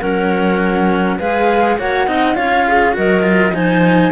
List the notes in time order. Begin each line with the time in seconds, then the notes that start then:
0.00 F#3 C#4 A#4 F#5
1.19 G#3 G#4 B4 F5
1.79 A#3 F#4 C#5 F#5
2.07 C4 D#4 D#5
2.35 C#4 F4 C#5 F5
2.68 G#4
2.93 F#3 F#4 A#4 D#5
3.23 F4
3.51 F3 D#4 C5 G#5